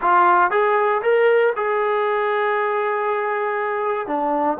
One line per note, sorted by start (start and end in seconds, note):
0.01 0.50 F4
0.50 1.01 G#4
1.02 1.53 A#4
1.56 4.07 G#4
4.07 4.58 D4